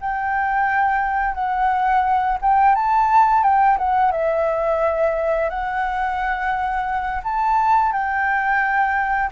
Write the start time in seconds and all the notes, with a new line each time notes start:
0.00 G5
1.34 F#5
2.41 G5
2.75 A5
3.43 G5
3.77 F#5
4.11 E5
5.49 F#5
7.23 A5
7.92 G5